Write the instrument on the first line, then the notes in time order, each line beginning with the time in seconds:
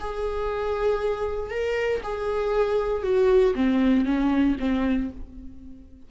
viola
0.00 G#4
1.50 A#4
2.03 G#4
3.03 F#4
3.55 C4
4.05 C#4
4.60 C4